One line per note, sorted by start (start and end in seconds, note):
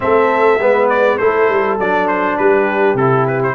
0.00 0.59 A3
0.00 0.59 C4
0.00 0.60 A4
0.00 0.89 E5
0.59 1.18 G#3
0.59 1.19 B3
0.59 1.18 B4
0.89 1.17 D5
1.17 1.49 A3
1.17 1.79 E4
1.17 2.37 A4
1.17 1.76 C5
1.49 1.78 G3
1.78 2.37 F#3
1.78 2.98 D4
1.78 2.07 D5
2.07 2.37 C5
2.37 2.94 G3
2.37 3.54 G4
2.37 2.96 B4
2.94 3.53 C3
2.94 3.54 E4
2.94 3.26 A4
3.26 3.41 B4
3.43 3.54 C5